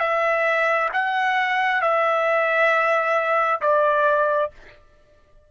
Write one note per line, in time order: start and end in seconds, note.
0.00 0.90 E5
0.93 1.82 F#5
1.82 3.61 E5
3.61 4.51 D5